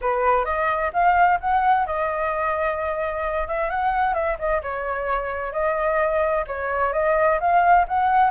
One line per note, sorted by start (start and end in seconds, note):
0.01 0.44 B4
0.44 0.91 D#5
0.93 1.39 F5
1.40 1.86 F#5
1.86 3.47 D#5
3.47 3.69 E5
3.69 4.13 F#5
4.13 4.37 E5
4.38 4.61 D#5
4.62 5.52 C#5
5.52 6.44 D#5
6.47 6.93 C#5
6.93 7.39 D#5
7.40 7.86 F5
7.88 8.30 F#5